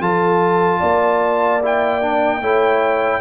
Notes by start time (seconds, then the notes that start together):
0.00 F3 F4 A4 A5
0.80 A#3 D5
1.63 E4 G5
2.02 D4
2.41 A3 E4 C#5